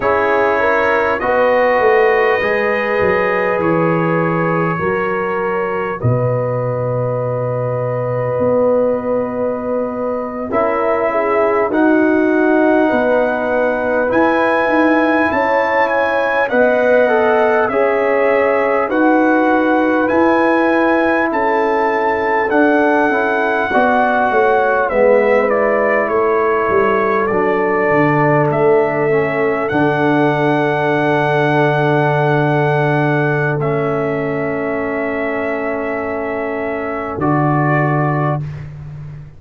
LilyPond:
<<
  \new Staff \with { instrumentName = "trumpet" } { \time 4/4 \tempo 4 = 50 cis''4 dis''2 cis''4~ | cis''4 dis''2.~ | dis''8. e''4 fis''2 gis''16~ | gis''8. a''8 gis''8 fis''4 e''4 fis''16~ |
fis''8. gis''4 a''4 fis''4~ fis''16~ | fis''8. e''8 d''8 cis''4 d''4 e''16~ | e''8. fis''2.~ fis''16 | e''2. d''4 | }
  \new Staff \with { instrumentName = "horn" } { \time 4/4 gis'8 ais'8 b'2. | ais'4 b'2.~ | b'8. ais'8 gis'8 fis'4 b'4~ b'16~ | b'8. cis''4 dis''4 cis''4 b'16~ |
b'4.~ b'16 a'2 d''16~ | d''16 cis''8 b'4 a'2~ a'16~ | a'1~ | a'1 | }
  \new Staff \with { instrumentName = "trombone" } { \time 4/4 e'4 fis'4 gis'2 | fis'1~ | fis'8. e'4 dis'2 e'16~ | e'4.~ e'16 b'8 a'8 gis'4 fis'16~ |
fis'8. e'2 d'8 e'8 fis'16~ | fis'8. b8 e'4. d'4~ d'16~ | d'16 cis'8 d'2.~ d'16 | cis'2. fis'4 | }
  \new Staff \with { instrumentName = "tuba" } { \time 4/4 cis'4 b8 a8 gis8 fis8 e4 | fis4 b,2 b4~ | b8. cis'4 dis'4 b4 e'16~ | e'16 dis'8 cis'4 b4 cis'4 dis'16~ |
dis'8. e'4 cis'4 d'8 cis'8 b16~ | b16 a8 gis4 a8 g8 fis8 d8 a16~ | a8. d2.~ d16 | a2. d4 | }
>>